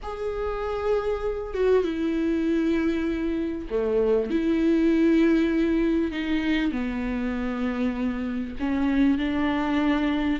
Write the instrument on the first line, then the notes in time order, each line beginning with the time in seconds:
viola
0.03 G#4
1.54 F#4
1.84 E4
3.70 A3
4.30 E4
6.11 D#4
6.72 B3
8.59 C#4
9.18 D4